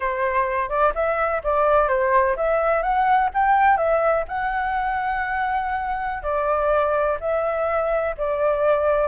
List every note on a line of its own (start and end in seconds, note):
0.00 0.69 C5
0.69 0.92 D5
0.94 1.42 E5
1.43 1.88 D5
1.88 2.35 C5
2.36 2.82 E5
2.82 3.29 F#5
3.33 3.77 G5
3.77 4.24 E5
4.28 6.23 F#5
6.23 7.17 D5
7.20 8.15 E5
8.17 9.08 D5